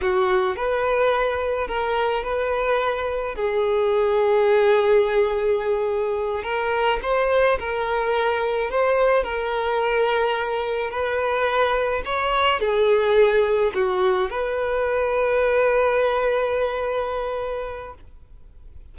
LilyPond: \new Staff \with { instrumentName = "violin" } { \time 4/4 \tempo 4 = 107 fis'4 b'2 ais'4 | b'2 gis'2~ | gis'2.~ gis'8 ais'8~ | ais'8 c''4 ais'2 c''8~ |
c''8 ais'2. b'8~ | b'4. cis''4 gis'4.~ | gis'8 fis'4 b'2~ b'8~ | b'1 | }